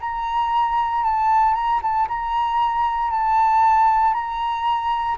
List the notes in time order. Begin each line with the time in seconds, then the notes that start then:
0.00 A#5
1.03 A5
1.54 A#5
1.82 A5
2.08 A#5
3.11 A5
4.14 A#5